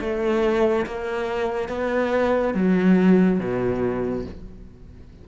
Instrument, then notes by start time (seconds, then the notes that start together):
cello
0.00 A3
0.86 A#3
1.69 B3
2.54 F#3
3.39 B2